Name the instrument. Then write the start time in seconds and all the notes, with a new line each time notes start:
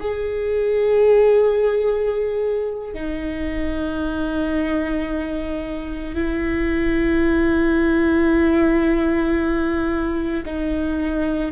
viola
0.00 G#4
2.94 D#4
6.15 E4
10.46 D#4